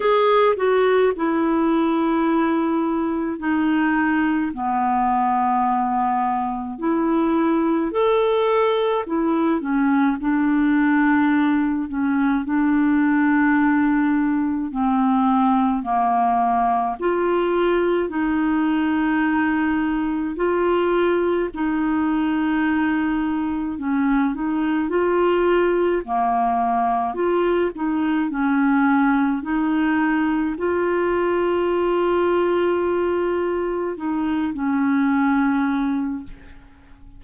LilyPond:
\new Staff \with { instrumentName = "clarinet" } { \time 4/4 \tempo 4 = 53 gis'8 fis'8 e'2 dis'4 | b2 e'4 a'4 | e'8 cis'8 d'4. cis'8 d'4~ | d'4 c'4 ais4 f'4 |
dis'2 f'4 dis'4~ | dis'4 cis'8 dis'8 f'4 ais4 | f'8 dis'8 cis'4 dis'4 f'4~ | f'2 dis'8 cis'4. | }